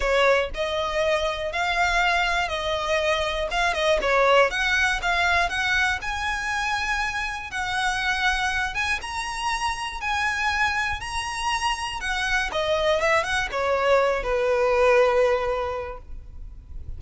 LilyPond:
\new Staff \with { instrumentName = "violin" } { \time 4/4 \tempo 4 = 120 cis''4 dis''2 f''4~ | f''4 dis''2 f''8 dis''8 | cis''4 fis''4 f''4 fis''4 | gis''2. fis''4~ |
fis''4. gis''8 ais''2 | gis''2 ais''2 | fis''4 dis''4 e''8 fis''8 cis''4~ | cis''8 b'2.~ b'8 | }